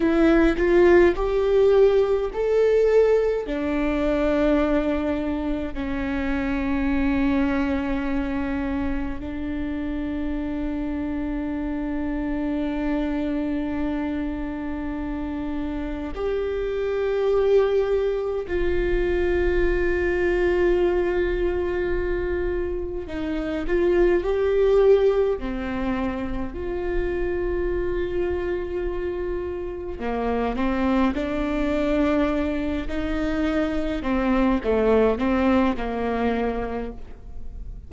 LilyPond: \new Staff \with { instrumentName = "viola" } { \time 4/4 \tempo 4 = 52 e'8 f'8 g'4 a'4 d'4~ | d'4 cis'2. | d'1~ | d'2 g'2 |
f'1 | dis'8 f'8 g'4 c'4 f'4~ | f'2 ais8 c'8 d'4~ | d'8 dis'4 c'8 a8 c'8 ais4 | }